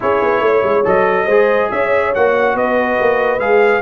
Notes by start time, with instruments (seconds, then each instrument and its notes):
0.00 tuba C#4, trombone E4, horn G#4, trumpet C#5
0.21 tuba B3
0.40 tuba A3, horn C#5
0.63 tuba G#3
0.84 tuba F#3, trombone A4, trumpet D#5
1.25 tuba G#3, trombone G#4, horn C5
1.70 tuba C#4, horn C#5, trumpet E5
2.14 tuba A#3, trombone F#4, trumpet F#5
2.54 tuba B3, horn B4, trumpet D#5
3.00 tuba A#3
3.38 tuba G#3, trombone G#4, trumpet F5